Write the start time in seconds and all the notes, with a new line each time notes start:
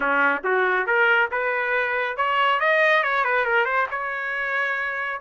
0.00 C#4
0.44 F#4
0.86 A#4
1.31 B4
2.17 C#5
2.59 D#5
3.03 C#5
3.24 B4
3.45 A#4
3.65 C5
3.90 C#5